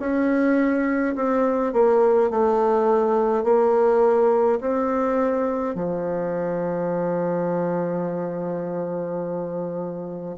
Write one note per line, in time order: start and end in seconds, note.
0.00 1.15 C#4
1.15 1.73 C4
1.73 2.30 A#3
2.30 3.44 A3
3.44 4.59 A#3
4.60 5.75 C4
5.75 10.37 F3